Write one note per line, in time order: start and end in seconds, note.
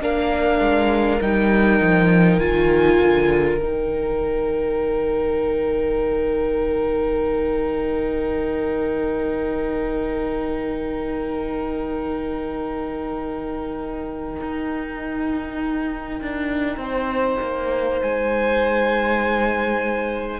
0.00 0.60 A#3
0.00 1.21 D4
0.00 16.82 A#4
0.00 1.22 F5
0.60 1.20 G#3
1.21 1.80 G3
1.21 2.40 D#4
1.21 2.39 G5
1.80 2.39 F3
2.39 2.99 D#3
2.39 3.60 F4
2.39 3.59 G#5
3.01 3.60 D3
3.59 14.40 D#3
3.59 20.39 D#4
3.59 17.99 G5
14.41 16.21 D#4
16.21 16.77 D4
16.77 17.37 C4
16.77 20.39 C5
17.41 18.02 A#3
18.02 20.39 G#3
18.02 20.39 G#5